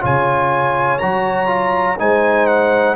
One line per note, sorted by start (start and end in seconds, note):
0.00 1.01 C#3
0.00 0.98 F4
0.00 1.97 C#5
0.00 0.98 G#5
0.98 1.99 F#3
0.98 1.46 F#4
0.98 1.96 A#5
1.46 1.95 F4
1.98 2.96 G#3
1.98 2.96 D#4
1.98 2.96 C5
1.98 2.46 G#5
2.46 2.95 F#5